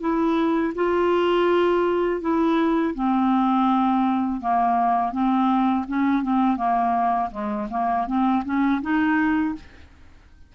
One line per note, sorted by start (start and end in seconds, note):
0.00 0.73 E4
0.75 2.21 F4
2.21 2.94 E4
2.94 4.41 C4
4.41 5.12 A#3
5.12 5.85 C4
5.88 6.23 C#4
6.23 6.57 C4
6.57 7.30 A#3
7.31 7.68 G#3
7.70 8.07 A#3
8.07 8.43 C4
8.45 8.82 C#4
8.82 9.55 D#4